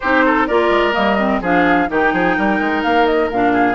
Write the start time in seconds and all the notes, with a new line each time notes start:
0.00 C4 D#4 G4 C5
0.25 A4
0.46 A#3 F4 A#4 D5
0.69 G#3
0.92 G3 A#3 D#5
1.19 C4
1.41 F3 D4 G#4 F5
1.88 D#3 D#4 G4 G5
2.12 F3 G#4
2.36 G3 A#4
2.60 G#3
2.83 A#3 F5
3.06 D#5
3.30 A#2 D4 F5
3.52 G#4